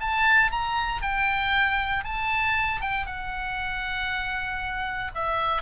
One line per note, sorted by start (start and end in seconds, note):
0.00 0.51 A5
0.51 1.02 A#5
1.02 2.04 G5
2.04 2.81 A5
2.81 3.06 G5
3.06 5.11 F#5
5.14 5.62 E5